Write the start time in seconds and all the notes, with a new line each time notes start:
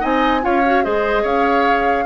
0.00 C4 D#4 D#5 G#5
0.42 C#4 F4 C#5 F5
0.65 F#4
0.84 G#3 G#4 C5 D#5
1.23 C#4 C#5 F5